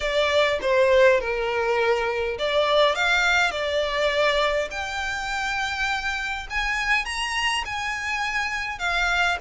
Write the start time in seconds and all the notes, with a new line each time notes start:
0.00 D5
0.61 C5
1.20 A#4
2.38 D5
2.95 F5
3.51 D5
4.70 G5
6.49 G#5
7.05 A#5
7.65 G#5
8.79 F5